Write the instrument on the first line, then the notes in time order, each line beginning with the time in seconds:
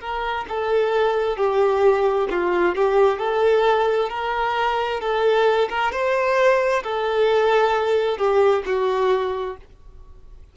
violin
0.00 A#4
0.49 A4
1.37 G4
2.31 F4
2.75 G4
3.19 A4
4.10 A#4
5.00 A4
5.70 A#4
5.92 C5
6.84 A4
8.18 G4
8.66 F#4